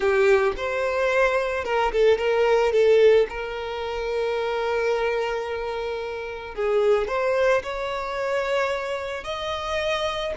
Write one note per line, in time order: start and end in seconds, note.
0.00 0.52 G4
0.57 1.64 C5
1.64 1.91 A#4
1.91 2.18 A4
2.18 2.72 A#4
2.72 3.27 A4
3.29 6.55 A#4
6.55 7.07 G#4
7.07 7.62 C5
7.62 9.24 C#5
9.24 10.33 D#5